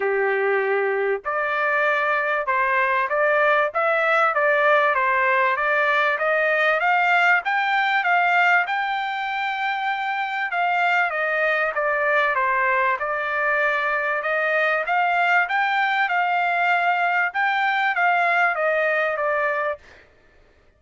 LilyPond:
\new Staff \with { instrumentName = "trumpet" } { \time 4/4 \tempo 4 = 97 g'2 d''2 | c''4 d''4 e''4 d''4 | c''4 d''4 dis''4 f''4 | g''4 f''4 g''2~ |
g''4 f''4 dis''4 d''4 | c''4 d''2 dis''4 | f''4 g''4 f''2 | g''4 f''4 dis''4 d''4 | }